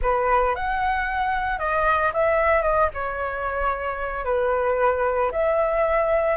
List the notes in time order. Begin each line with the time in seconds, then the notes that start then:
0.02 B4
0.55 F#5
1.59 D#5
2.13 E5
2.62 D#5
2.93 C#5
4.25 B4
5.31 E5